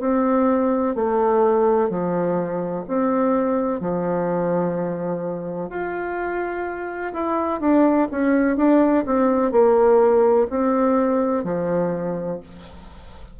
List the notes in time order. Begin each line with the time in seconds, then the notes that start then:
0.00 C4
0.95 A3
1.90 F3
2.87 C4
3.81 F3
5.70 F4
7.13 E4
7.61 D4
8.11 C#4
8.57 D4
9.06 C4
9.52 A#3
10.50 C4
11.44 F3